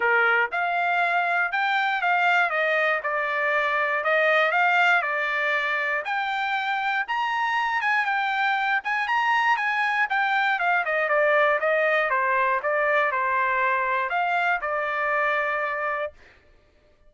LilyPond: \new Staff \with { instrumentName = "trumpet" } { \time 4/4 \tempo 4 = 119 ais'4 f''2 g''4 | f''4 dis''4 d''2 | dis''4 f''4 d''2 | g''2 ais''4. gis''8 |
g''4. gis''8 ais''4 gis''4 | g''4 f''8 dis''8 d''4 dis''4 | c''4 d''4 c''2 | f''4 d''2. | }